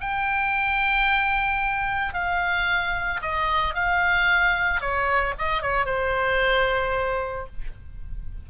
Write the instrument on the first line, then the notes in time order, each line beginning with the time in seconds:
oboe
0.00 G5
2.13 F5
3.21 D#5
3.74 F5
4.80 C#5
5.38 D#5
5.62 C#5
5.85 C5